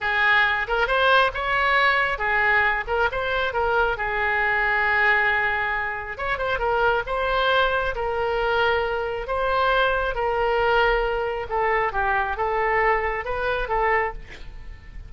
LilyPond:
\new Staff \with { instrumentName = "oboe" } { \time 4/4 \tempo 4 = 136 gis'4. ais'8 c''4 cis''4~ | cis''4 gis'4. ais'8 c''4 | ais'4 gis'2.~ | gis'2 cis''8 c''8 ais'4 |
c''2 ais'2~ | ais'4 c''2 ais'4~ | ais'2 a'4 g'4 | a'2 b'4 a'4 | }